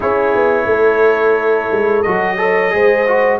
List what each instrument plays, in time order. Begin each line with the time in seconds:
0.00 tuba C#4, trombone E4, horn G#4, trumpet C#5
0.34 tuba B3
0.66 tuba A3, horn A4
1.71 tuba G#3
2.02 tuba F#3, trombone F#4, trumpet D#5
2.37 trombone A4, horn C#5
2.71 tuba G#3, trombone G#4, horn C5
3.07 trombone F#4